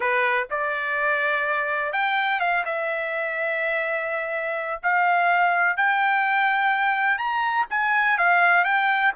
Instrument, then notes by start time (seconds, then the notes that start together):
trumpet
0.00 B4
0.50 D5
1.92 G5
2.40 F5
2.65 E5
4.82 F5
5.76 G5
7.17 A#5
7.70 G#5
8.18 F5
8.64 G5